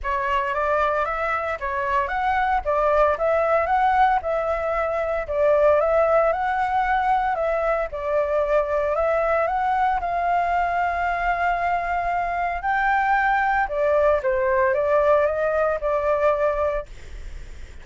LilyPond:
\new Staff \with { instrumentName = "flute" } { \time 4/4 \tempo 4 = 114 cis''4 d''4 e''4 cis''4 | fis''4 d''4 e''4 fis''4 | e''2 d''4 e''4 | fis''2 e''4 d''4~ |
d''4 e''4 fis''4 f''4~ | f''1 | g''2 d''4 c''4 | d''4 dis''4 d''2 | }